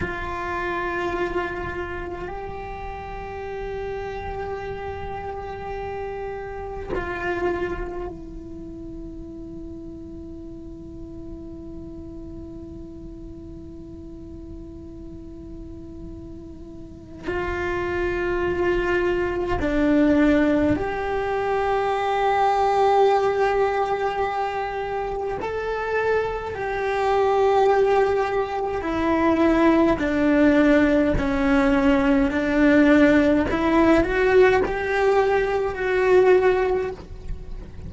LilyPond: \new Staff \with { instrumentName = "cello" } { \time 4/4 \tempo 4 = 52 f'2 g'2~ | g'2 f'4 e'4~ | e'1~ | e'2. f'4~ |
f'4 d'4 g'2~ | g'2 a'4 g'4~ | g'4 e'4 d'4 cis'4 | d'4 e'8 fis'8 g'4 fis'4 | }